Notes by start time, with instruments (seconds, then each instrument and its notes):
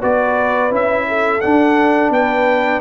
0.00 tuba B3, trombone F#4, horn B4, trumpet D5
0.71 tuba C#4, trombone E4, trumpet E5
1.08 horn A4
1.41 trombone D4, tuba D4, trumpet F#5
2.10 tuba B3, horn B4, trumpet G5